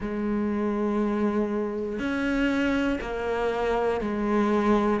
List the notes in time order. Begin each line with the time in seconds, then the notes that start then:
0.00 G#3
1.99 C#4
3.00 A#3
4.00 G#3